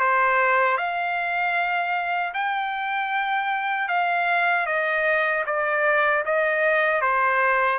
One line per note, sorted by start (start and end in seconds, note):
0.00 0.78 C5
0.78 2.33 F5
2.34 3.89 G5
3.89 4.66 F5
4.66 5.44 D#5
5.46 6.24 D5
6.26 7.02 D#5
7.02 7.79 C5